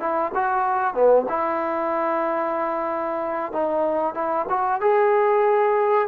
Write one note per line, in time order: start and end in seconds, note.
0.00 0.32 E4
0.35 0.94 F#4
0.94 1.26 B3
1.29 3.52 E4
3.53 4.14 D#4
4.14 4.46 E4
4.49 4.81 F#4
4.81 6.08 G#4